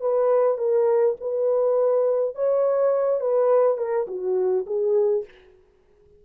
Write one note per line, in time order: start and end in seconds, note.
0.00 0.57 B4
0.57 1.16 A#4
1.20 2.35 B4
2.35 3.20 C#5
3.20 3.77 B4
3.77 4.06 A#4
4.07 4.65 F#4
4.66 5.25 G#4